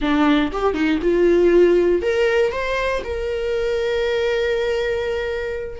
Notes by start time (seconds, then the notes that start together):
0.01 D4
0.52 G4
0.74 D#4
1.02 F4
2.02 A#4
2.52 C5
3.04 A#4